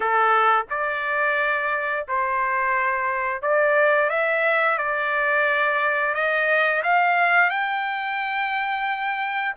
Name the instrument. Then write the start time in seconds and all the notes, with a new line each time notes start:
trumpet
0.00 A4
0.70 D5
2.08 C5
3.42 D5
4.09 E5
4.78 D5
6.14 D#5
6.83 F5
7.50 G5